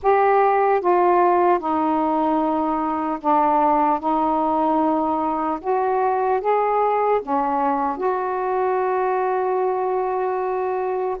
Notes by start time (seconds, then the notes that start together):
0.02 G4
0.80 F4
1.59 D#4
3.20 D4
3.99 D#4
5.60 F#4
6.40 G#4
7.21 C#4
7.97 F#4